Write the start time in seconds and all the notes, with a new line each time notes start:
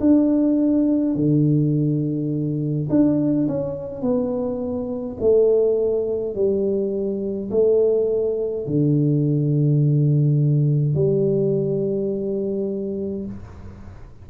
0.00 D4
1.15 D3
2.90 D4
3.48 C#4
4.02 B3
5.20 A3
6.35 G3
7.51 A3
8.66 D3
10.95 G3